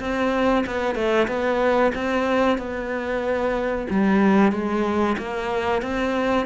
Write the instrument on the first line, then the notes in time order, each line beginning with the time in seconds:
cello
0.00 C4
0.66 B3
0.95 A3
1.27 B3
1.95 C4
2.58 B3
3.90 G3
4.52 G#3
5.18 A#3
5.82 C4